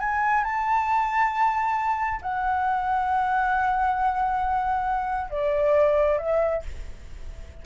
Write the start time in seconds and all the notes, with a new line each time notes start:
0.00 G#5
0.44 A5
2.22 F#5
5.31 D5
6.19 E5